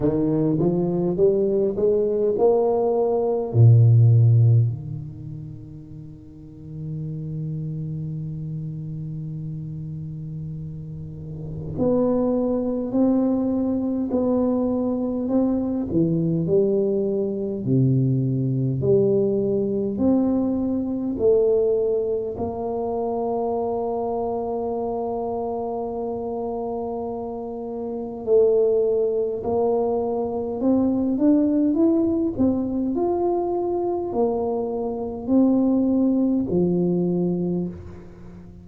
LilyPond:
\new Staff \with { instrumentName = "tuba" } { \time 4/4 \tempo 4 = 51 dis8 f8 g8 gis8 ais4 ais,4 | dis1~ | dis2 b4 c'4 | b4 c'8 e8 g4 c4 |
g4 c'4 a4 ais4~ | ais1 | a4 ais4 c'8 d'8 e'8 c'8 | f'4 ais4 c'4 f4 | }